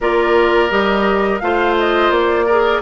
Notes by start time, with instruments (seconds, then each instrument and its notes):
0.01 bassoon A#3, clarinet F4, oboe A#4, flute D5
0.69 bassoon G3, clarinet G4, flute D#5
1.39 bassoon A3, clarinet F4, oboe C5, flute F5
1.79 flute D#5
2.10 bassoon A#3, flute D5
2.46 clarinet G#4, oboe A#4